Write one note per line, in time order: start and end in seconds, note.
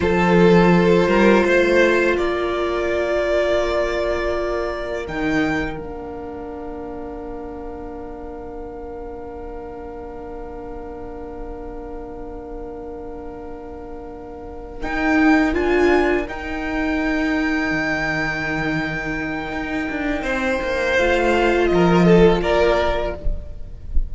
0.00 1.06 F3
0.00 5.05 F4
0.00 1.07 A4
0.00 2.16 C5
1.06 1.42 G3
1.06 1.44 A#4
1.44 2.18 A3
1.44 2.17 C5
2.17 5.08 A#3
2.17 20.23 A#4
2.17 5.06 D5
5.07 5.80 D#3
5.07 5.77 D#4
5.07 5.77 G5
5.77 14.83 A#3
5.77 14.81 D4
5.77 14.80 F5
14.81 15.53 D#4
14.81 15.54 D#4
14.81 15.54 G5
15.53 16.27 D4
15.53 16.25 F4
15.53 16.26 G#5
16.28 17.71 D#4
16.28 20.98 D#4
16.28 20.96 G5
17.71 19.52 D#3
19.52 19.88 D#4
19.90 20.22 D4
20.22 20.58 C4
20.22 21.67 C5
20.61 20.98 A#3
20.96 21.70 A3
20.96 23.14 F4
20.96 21.66 F5
21.66 22.41 F3
21.66 22.38 D#5
21.73 22.05 A#4
22.05 22.41 A4
22.41 23.13 A#3
22.41 23.14 A#4
22.41 23.14 D5